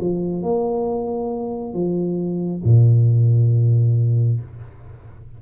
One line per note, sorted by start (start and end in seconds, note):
0.00 0.43 F3
0.43 1.74 A#3
1.74 2.62 F3
2.64 4.40 A#2